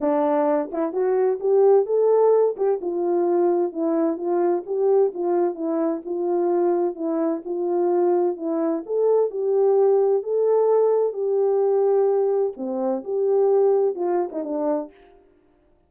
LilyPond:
\new Staff \with { instrumentName = "horn" } { \time 4/4 \tempo 4 = 129 d'4. e'8 fis'4 g'4 | a'4. g'8 f'2 | e'4 f'4 g'4 f'4 | e'4 f'2 e'4 |
f'2 e'4 a'4 | g'2 a'2 | g'2. c'4 | g'2 f'8. dis'16 d'4 | }